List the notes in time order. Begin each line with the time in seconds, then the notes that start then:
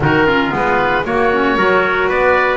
0.00 D#3 D#4 F#4 A#4
0.26 C#4 F4
0.50 G#3 B3 B4
1.04 A#3 F#4 C#5
1.32 C#4
1.56 F#3 F#4 A#4
2.08 B3 B4 D5